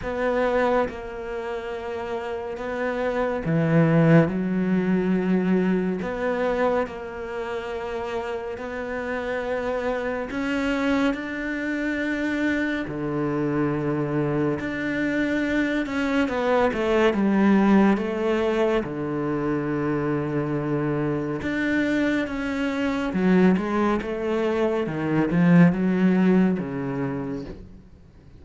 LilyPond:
\new Staff \with { instrumentName = "cello" } { \time 4/4 \tempo 4 = 70 b4 ais2 b4 | e4 fis2 b4 | ais2 b2 | cis'4 d'2 d4~ |
d4 d'4. cis'8 b8 a8 | g4 a4 d2~ | d4 d'4 cis'4 fis8 gis8 | a4 dis8 f8 fis4 cis4 | }